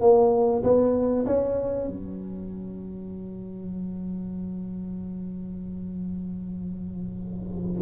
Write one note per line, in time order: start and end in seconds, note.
0.00 0.62 A#3
0.63 1.25 B3
1.26 1.88 C#4
1.88 7.81 F#3